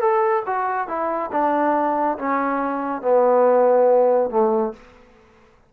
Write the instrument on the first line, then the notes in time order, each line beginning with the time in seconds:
trombone
0.00 A4
0.46 F#4
0.88 E4
1.32 D4
2.18 C#4
3.02 B3
4.30 A3